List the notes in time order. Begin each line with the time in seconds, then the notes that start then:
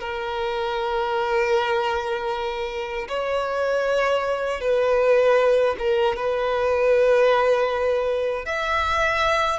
0.00 A#4
3.08 C#5
4.60 B4
5.79 A#4
6.16 B4
8.45 E5